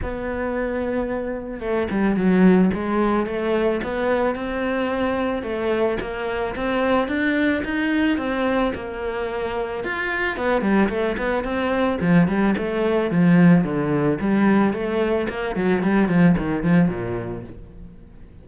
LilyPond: \new Staff \with { instrumentName = "cello" } { \time 4/4 \tempo 4 = 110 b2. a8 g8 | fis4 gis4 a4 b4 | c'2 a4 ais4 | c'4 d'4 dis'4 c'4 |
ais2 f'4 b8 g8 | a8 b8 c'4 f8 g8 a4 | f4 d4 g4 a4 | ais8 fis8 g8 f8 dis8 f8 ais,4 | }